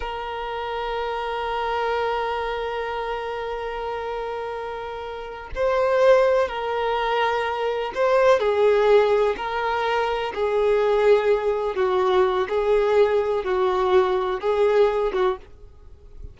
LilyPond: \new Staff \with { instrumentName = "violin" } { \time 4/4 \tempo 4 = 125 ais'1~ | ais'1~ | ais'2.~ ais'8 c''8~ | c''4. ais'2~ ais'8~ |
ais'8 c''4 gis'2 ais'8~ | ais'4. gis'2~ gis'8~ | gis'8 fis'4. gis'2 | fis'2 gis'4. fis'8 | }